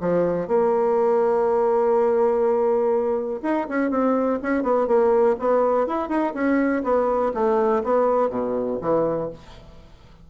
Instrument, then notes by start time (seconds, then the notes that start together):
bassoon
0.00 F3
0.47 A#3
3.42 D#4
3.68 C#4
3.90 C4
4.42 C#4
4.62 B3
4.87 A#3
5.39 B3
5.86 E4
6.09 D#4
6.34 C#4
6.83 B3
7.34 A3
7.83 B3
8.29 B2
8.81 E3